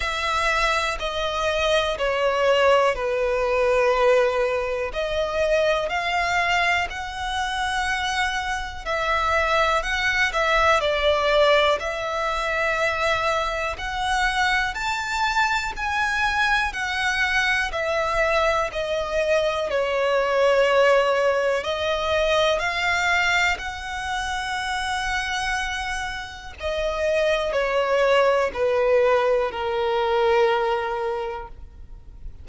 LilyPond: \new Staff \with { instrumentName = "violin" } { \time 4/4 \tempo 4 = 61 e''4 dis''4 cis''4 b'4~ | b'4 dis''4 f''4 fis''4~ | fis''4 e''4 fis''8 e''8 d''4 | e''2 fis''4 a''4 |
gis''4 fis''4 e''4 dis''4 | cis''2 dis''4 f''4 | fis''2. dis''4 | cis''4 b'4 ais'2 | }